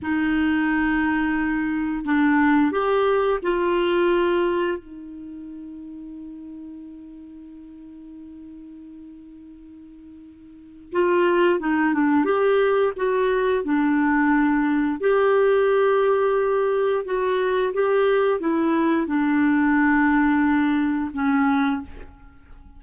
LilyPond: \new Staff \with { instrumentName = "clarinet" } { \time 4/4 \tempo 4 = 88 dis'2. d'4 | g'4 f'2 dis'4~ | dis'1~ | dis'1 |
f'4 dis'8 d'8 g'4 fis'4 | d'2 g'2~ | g'4 fis'4 g'4 e'4 | d'2. cis'4 | }